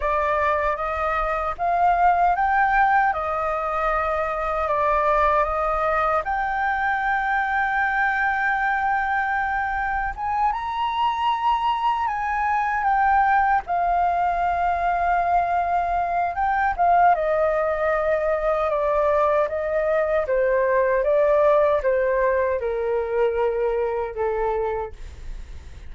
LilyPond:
\new Staff \with { instrumentName = "flute" } { \time 4/4 \tempo 4 = 77 d''4 dis''4 f''4 g''4 | dis''2 d''4 dis''4 | g''1~ | g''4 gis''8 ais''2 gis''8~ |
gis''8 g''4 f''2~ f''8~ | f''4 g''8 f''8 dis''2 | d''4 dis''4 c''4 d''4 | c''4 ais'2 a'4 | }